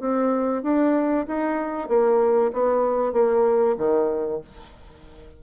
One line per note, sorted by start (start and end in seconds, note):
0.00 0.63 C4
0.63 1.26 D4
1.27 1.88 D#4
1.88 2.51 A#3
2.53 3.13 B3
3.13 3.76 A#3
3.77 4.40 D#3